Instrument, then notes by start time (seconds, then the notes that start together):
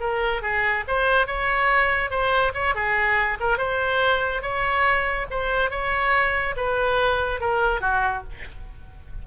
oboe
0.00 A#4
0.42 G#4
0.87 C5
1.26 C#5
2.10 C5
2.54 C#5
2.74 G#4
3.40 A#4
3.58 C5
4.42 C#5
5.30 C5
5.70 C#5
6.56 B4
7.40 A#4
7.81 F#4